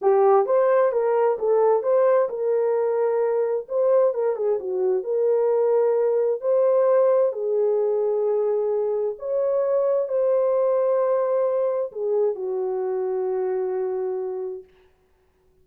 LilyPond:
\new Staff \with { instrumentName = "horn" } { \time 4/4 \tempo 4 = 131 g'4 c''4 ais'4 a'4 | c''4 ais'2. | c''4 ais'8 gis'8 fis'4 ais'4~ | ais'2 c''2 |
gis'1 | cis''2 c''2~ | c''2 gis'4 fis'4~ | fis'1 | }